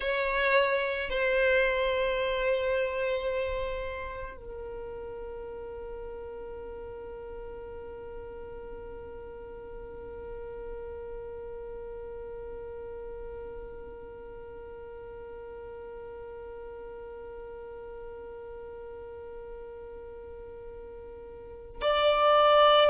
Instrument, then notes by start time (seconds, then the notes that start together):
violin
0.00 C#5
1.09 C5
4.36 A#4
21.81 D5